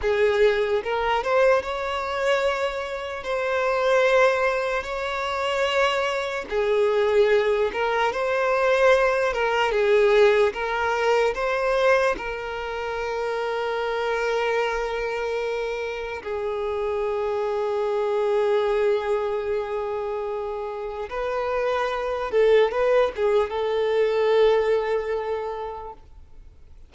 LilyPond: \new Staff \with { instrumentName = "violin" } { \time 4/4 \tempo 4 = 74 gis'4 ais'8 c''8 cis''2 | c''2 cis''2 | gis'4. ais'8 c''4. ais'8 | gis'4 ais'4 c''4 ais'4~ |
ais'1 | gis'1~ | gis'2 b'4. a'8 | b'8 gis'8 a'2. | }